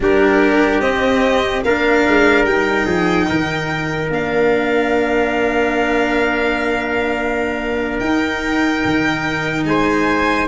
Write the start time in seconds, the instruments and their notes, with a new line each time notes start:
0.00 tuba G3, cello D4, trumpet G4, violin A#4
0.80 tuba C4, cello C4, violin D#5
1.64 tuba A#3, cello D4, trumpet A#4, violin F5
2.08 tuba G#3
2.44 tuba G3, cello D#4, violin G5
2.85 tuba F3, trumpet G#4
3.28 tuba D#3, trumpet A#4
4.09 tuba A#3, cello D4, violin F5
7.99 tuba D#4, cello D#4, violin G5
8.84 tuba D#3
9.64 tuba G#3, trumpet C5, violin G#5